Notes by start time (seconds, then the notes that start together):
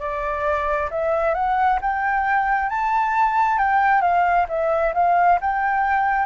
0.00 D5
0.91 E5
1.35 F#5
1.82 G5
2.70 A5
3.59 G5
4.02 F5
4.49 E5
4.94 F5
5.41 G5